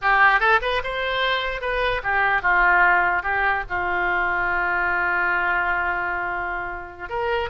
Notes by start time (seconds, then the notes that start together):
0.01 G4
0.39 A4
0.61 B4
0.83 C5
1.61 B4
2.03 G4
2.42 F4
3.22 G4
3.69 F4
7.09 A#4